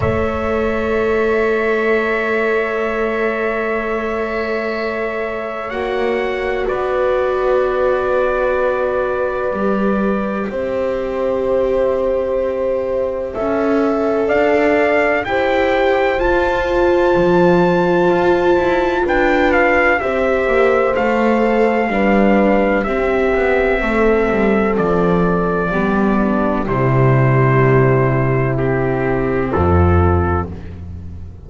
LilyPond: <<
  \new Staff \with { instrumentName = "trumpet" } { \time 4/4 \tempo 4 = 63 e''1~ | e''2 fis''4 d''4~ | d''2. e''4~ | e''2. f''4 |
g''4 a''2. | g''8 f''8 e''4 f''2 | e''2 d''2 | c''2 g'4 a'4 | }
  \new Staff \with { instrumentName = "horn" } { \time 4/4 cis''1~ | cis''2. b'4~ | b'2. c''4~ | c''2 e''4 d''4 |
c''1 | b'4 c''2 b'4 | g'4 a'2 g'8 d'8 | e'2. f'4 | }
  \new Staff \with { instrumentName = "viola" } { \time 4/4 a'1~ | a'2 fis'2~ | fis'2 g'2~ | g'2 a'2 |
g'4 f'2.~ | f'4 g'4 a'4 d'4 | c'2. b4 | g2 c'2 | }
  \new Staff \with { instrumentName = "double bass" } { \time 4/4 a1~ | a2 ais4 b4~ | b2 g4 c'4~ | c'2 cis'4 d'4 |
e'4 f'4 f4 f'8 e'8 | d'4 c'8 ais8 a4 g4 | c'8 b8 a8 g8 f4 g4 | c2. f,4 | }
>>